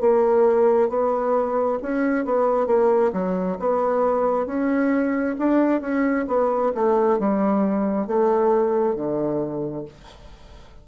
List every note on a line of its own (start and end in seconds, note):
0.00 0.89 A#3
0.89 1.79 B3
1.82 2.25 C#4
2.25 2.67 B3
2.67 3.11 A#3
3.13 3.57 F#3
3.59 4.46 B3
4.46 5.36 C#4
5.39 5.81 D4
5.81 6.26 C#4
6.27 6.72 B3
6.74 7.19 A3
7.19 8.07 G3
8.07 8.96 A3
8.96 9.85 D3